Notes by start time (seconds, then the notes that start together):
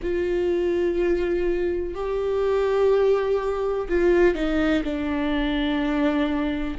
0.02 F4
1.94 G4
3.88 F4
4.35 D#4
4.83 D4